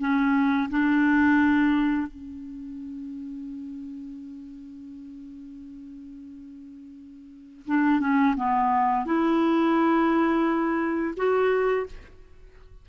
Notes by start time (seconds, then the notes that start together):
0.00 C#4
0.70 D4
2.08 C#4
7.67 D4
8.00 C#4
8.37 B3
9.06 E4
11.17 F#4